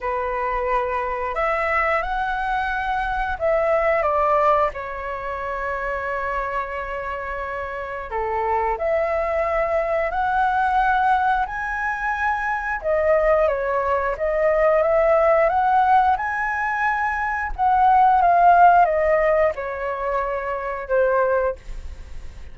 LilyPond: \new Staff \with { instrumentName = "flute" } { \time 4/4 \tempo 4 = 89 b'2 e''4 fis''4~ | fis''4 e''4 d''4 cis''4~ | cis''1 | a'4 e''2 fis''4~ |
fis''4 gis''2 dis''4 | cis''4 dis''4 e''4 fis''4 | gis''2 fis''4 f''4 | dis''4 cis''2 c''4 | }